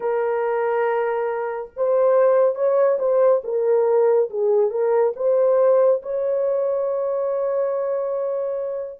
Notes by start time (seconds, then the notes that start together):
0.00 A#4
1.76 C5
2.55 C#5
2.98 C5
3.44 A#4
4.29 G#4
4.70 A#4
5.15 C5
6.02 C#5